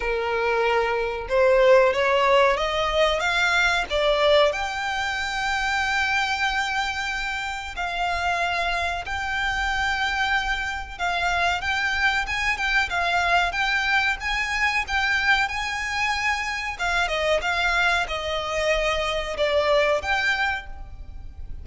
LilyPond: \new Staff \with { instrumentName = "violin" } { \time 4/4 \tempo 4 = 93 ais'2 c''4 cis''4 | dis''4 f''4 d''4 g''4~ | g''1 | f''2 g''2~ |
g''4 f''4 g''4 gis''8 g''8 | f''4 g''4 gis''4 g''4 | gis''2 f''8 dis''8 f''4 | dis''2 d''4 g''4 | }